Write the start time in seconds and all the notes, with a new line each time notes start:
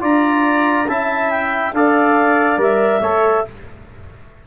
0.00 D4 F4 D5 A#5
0.87 C#4 E4 E5 A5
1.30 G5
1.73 D4 A4 D5 F5
2.57 G3 A#4 E5
3.00 A3 A4 C#5